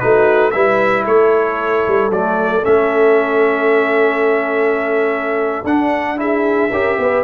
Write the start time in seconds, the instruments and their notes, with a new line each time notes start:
0.00 tuba A3, trombone D#4, horn F#4, trumpet B4
0.51 tuba G3, trombone E4, horn B4, trumpet E5
1.05 tuba A3, horn A4, trumpet C#5
1.88 tuba G3
2.10 tuba F#3, trombone A3, trumpet D5
2.63 tuba A3, trombone C#4, trumpet E5
5.64 tuba D4, trombone D4, trumpet F#5
6.17 trombone E4, horn G#4, trumpet E5
6.72 tuba C#4, trombone G4, horn A#4
6.99 tuba B3, horn B4